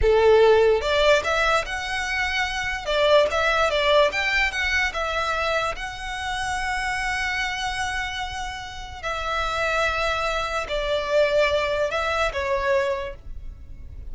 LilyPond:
\new Staff \with { instrumentName = "violin" } { \time 4/4 \tempo 4 = 146 a'2 d''4 e''4 | fis''2. d''4 | e''4 d''4 g''4 fis''4 | e''2 fis''2~ |
fis''1~ | fis''2 e''2~ | e''2 d''2~ | d''4 e''4 cis''2 | }